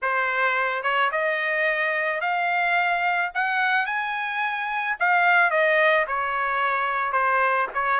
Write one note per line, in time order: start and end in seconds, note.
0.02 0.83 C5
0.83 1.10 C#5
1.11 2.20 D#5
2.20 3.31 F5
3.34 3.86 F#5
3.86 4.96 G#5
4.99 5.50 F5
5.50 6.05 D#5
6.07 7.12 C#5
7.12 7.67 C5
7.73 8.00 C#5